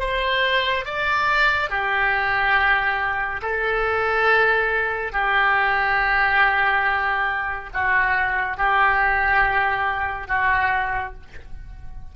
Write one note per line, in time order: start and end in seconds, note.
0.00 0.85 C5
0.85 1.70 D5
1.70 3.41 G4
3.42 5.13 A4
5.13 7.70 G4
7.74 8.58 F#4
8.58 10.28 G4
10.28 11.14 F#4